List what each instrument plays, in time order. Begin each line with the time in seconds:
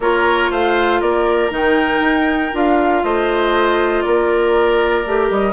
0.00 bassoon A#3, clarinet F4, oboe A#4, flute C#5
0.50 bassoon A3, oboe C5, flute F5
1.00 bassoon A#3, oboe A#4, flute D5
1.50 bassoon D#3, clarinet D#4, flute G5
2.00 bassoon D#4
2.52 bassoon D4, clarinet F4, flute F5
3.03 bassoon A3, oboe C5, flute D#5
4.01 bassoon A#3, oboe A#4, flute D5
5.06 bassoon A3, clarinet G4
5.30 bassoon G3, flute D#5